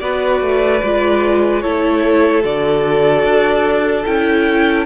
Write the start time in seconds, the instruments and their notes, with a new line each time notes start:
0.00 cello B3, viola F#4, violin B4 D5
0.42 cello A3
0.84 cello G#3, viola F4
1.62 cello A3, viola E4, violin A4 C#5
2.43 cello D3, viola F#4, violin D5
3.24 cello D4
4.06 cello C#4, viola E4, violin G5